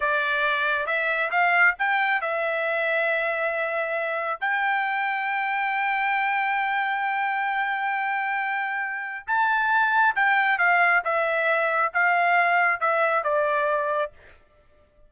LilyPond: \new Staff \with { instrumentName = "trumpet" } { \time 4/4 \tempo 4 = 136 d''2 e''4 f''4 | g''4 e''2.~ | e''2 g''2~ | g''1~ |
g''1~ | g''4 a''2 g''4 | f''4 e''2 f''4~ | f''4 e''4 d''2 | }